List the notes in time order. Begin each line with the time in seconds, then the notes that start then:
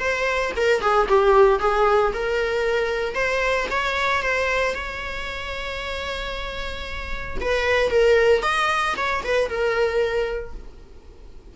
0.00 C5
0.57 A#4
0.81 G#4
1.09 G4
1.60 G#4
2.14 A#4
3.15 C5
3.71 C#5
4.23 C5
4.75 C#5
7.41 B4
7.91 A#4
8.43 D#5
8.97 C#5
9.25 B4
9.50 A#4